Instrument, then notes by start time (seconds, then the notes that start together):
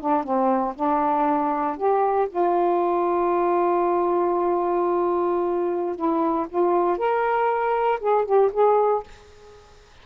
saxophone
0.00 D4
0.24 C4
0.75 D4
1.77 G4
2.30 F4
5.96 E4
6.49 F4
6.98 A#4
8.01 G#4
8.25 G4
8.53 G#4